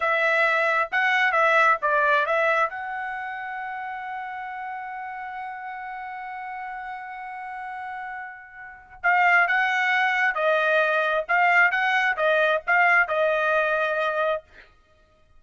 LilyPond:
\new Staff \with { instrumentName = "trumpet" } { \time 4/4 \tempo 4 = 133 e''2 fis''4 e''4 | d''4 e''4 fis''2~ | fis''1~ | fis''1~ |
fis''1 | f''4 fis''2 dis''4~ | dis''4 f''4 fis''4 dis''4 | f''4 dis''2. | }